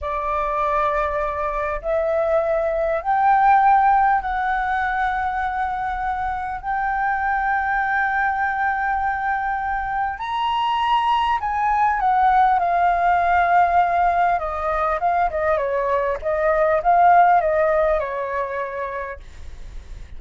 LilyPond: \new Staff \with { instrumentName = "flute" } { \time 4/4 \tempo 4 = 100 d''2. e''4~ | e''4 g''2 fis''4~ | fis''2. g''4~ | g''1~ |
g''4 ais''2 gis''4 | fis''4 f''2. | dis''4 f''8 dis''8 cis''4 dis''4 | f''4 dis''4 cis''2 | }